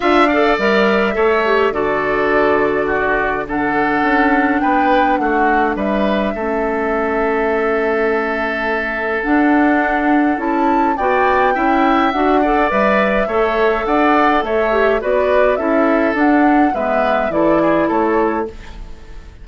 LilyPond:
<<
  \new Staff \with { instrumentName = "flute" } { \time 4/4 \tempo 4 = 104 f''4 e''2 d''4~ | d''2 fis''2 | g''4 fis''4 e''2~ | e''1 |
fis''2 a''4 g''4~ | g''4 fis''4 e''2 | fis''4 e''4 d''4 e''4 | fis''4 e''4 d''4 cis''4 | }
  \new Staff \with { instrumentName = "oboe" } { \time 4/4 e''8 d''4. cis''4 a'4~ | a'4 fis'4 a'2 | b'4 fis'4 b'4 a'4~ | a'1~ |
a'2. d''4 | e''4. d''4. cis''4 | d''4 cis''4 b'4 a'4~ | a'4 b'4 a'8 gis'8 a'4 | }
  \new Staff \with { instrumentName = "clarinet" } { \time 4/4 f'8 a'8 ais'4 a'8 g'8 fis'4~ | fis'2 d'2~ | d'2. cis'4~ | cis'1 |
d'2 e'4 fis'4 | e'4 fis'8 a'8 b'4 a'4~ | a'4. g'8 fis'4 e'4 | d'4 b4 e'2 | }
  \new Staff \with { instrumentName = "bassoon" } { \time 4/4 d'4 g4 a4 d4~ | d2. cis'4 | b4 a4 g4 a4~ | a1 |
d'2 cis'4 b4 | cis'4 d'4 g4 a4 | d'4 a4 b4 cis'4 | d'4 gis4 e4 a4 | }
>>